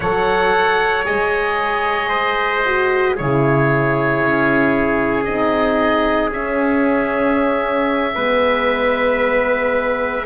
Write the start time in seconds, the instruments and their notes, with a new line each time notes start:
0.00 double bass F#3, horn A4, trumpet C#5, oboe F#5
1.05 double bass G#3, horn G#4, oboe D#5
2.08 trumpet C5
2.65 horn F#4
3.14 double bass C#3, horn E4, trumpet G#4, oboe C#5
4.21 double bass C#4
5.24 double bass C4, horn D#4, oboe D#5
6.31 double bass C#4, horn C#4, oboe E5
8.14 double bass G#3, horn B3, trumpet B4